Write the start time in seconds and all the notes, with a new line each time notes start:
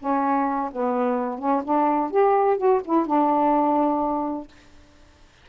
0.00 C#4
0.72 B3
1.39 C#4
1.64 D4
2.11 G4
2.58 F#4
2.85 E4
3.06 D4